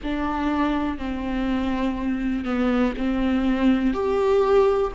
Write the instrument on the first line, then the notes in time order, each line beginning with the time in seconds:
viola
0.03 D4
0.98 C4
2.44 B3
2.97 C4
3.93 G4